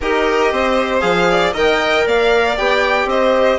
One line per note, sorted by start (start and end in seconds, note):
0.00 0.51 D#4
0.00 1.00 G4
0.00 0.51 A#4
0.00 1.00 D#5
0.51 1.02 C4
0.51 1.28 C5
1.00 1.53 F3
1.00 1.52 G#4
1.00 1.51 F5
1.29 1.53 D5
1.53 2.04 D#3
1.53 2.55 A#4
1.53 2.04 D#5
1.53 2.07 G5
2.05 2.57 A#3
2.05 3.08 D5
2.05 2.57 F5
2.57 3.05 B3
2.57 3.59 G4
2.57 3.08 G5
3.05 3.57 C4
3.05 3.59 C5
3.05 3.59 D#5